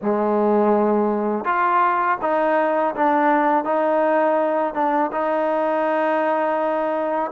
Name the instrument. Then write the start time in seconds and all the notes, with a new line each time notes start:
trombone
0.02 G#3
1.45 F4
2.21 D#4
2.95 D4
3.64 D#4
4.74 D4
5.12 D#4